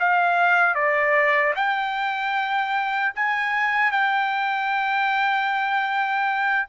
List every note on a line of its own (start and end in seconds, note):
0.00 0.75 F5
0.75 1.54 D5
1.56 3.14 G5
3.15 3.92 G#5
3.92 6.68 G5